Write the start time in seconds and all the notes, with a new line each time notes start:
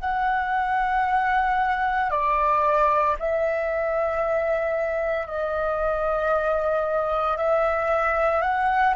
0.00 F#5
2.11 D5
3.20 E5
5.27 D#5
7.37 E5
8.42 F#5